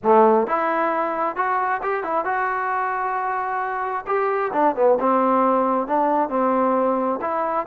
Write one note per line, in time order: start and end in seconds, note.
0.03 0.47 A3
0.47 1.36 E4
1.36 1.81 F#4
1.82 2.03 G4
2.03 2.24 E4
2.24 4.05 F#4
4.06 4.51 G4
4.53 4.75 D4
4.75 4.98 B3
5.00 5.87 C4
5.87 6.29 D4
6.29 7.19 C4
7.21 7.66 E4